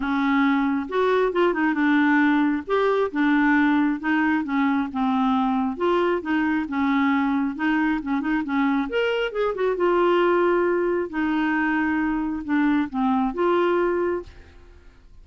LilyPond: \new Staff \with { instrumentName = "clarinet" } { \time 4/4 \tempo 4 = 135 cis'2 fis'4 f'8 dis'8 | d'2 g'4 d'4~ | d'4 dis'4 cis'4 c'4~ | c'4 f'4 dis'4 cis'4~ |
cis'4 dis'4 cis'8 dis'8 cis'4 | ais'4 gis'8 fis'8 f'2~ | f'4 dis'2. | d'4 c'4 f'2 | }